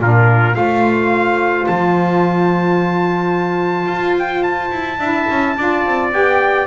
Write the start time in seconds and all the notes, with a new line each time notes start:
0.00 A#2 D4 F4 A#4
0.53 A3 F4 C5 F5
1.67 F3 A5
3.87 F4
4.19 G5
4.43 A5
4.71 E4
4.99 D4 E4 E5
5.30 C#4
5.57 D4 F4 D5
5.86 C4
6.12 B3 G4 G5